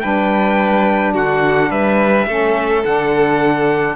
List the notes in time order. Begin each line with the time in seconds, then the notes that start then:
0.00 G3 D4 B4 G5
1.13 D3 F#4 F#5
1.70 G3 B4 E5
2.27 A3 C#4 A4
2.85 D3 D4 F#5